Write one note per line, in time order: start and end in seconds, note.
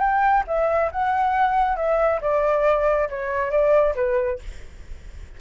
0.00 0.44 G5
0.47 0.91 E5
0.92 1.76 F#5
1.76 2.20 E5
2.21 3.09 D5
3.09 3.51 C#5
3.51 3.95 D5
3.95 4.39 B4